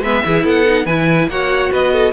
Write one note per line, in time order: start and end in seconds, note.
0.00 0.21 G#3
0.00 0.26 B3
0.00 0.25 B4
0.00 0.46 E5
0.26 0.45 E3
0.26 0.66 E4
0.26 0.45 G#4
0.45 0.86 B3
0.45 0.85 A4
0.45 0.87 F#5
0.66 0.87 D#4
0.85 1.28 E3
0.85 1.31 E4
0.85 1.27 B4
0.85 1.29 G#5
1.29 1.71 A#3
1.29 2.14 F#4
1.29 1.73 C#5
1.29 1.73 F#5
1.73 2.14 B3
1.73 1.93 B4
1.73 2.14 D#5
1.93 2.14 A4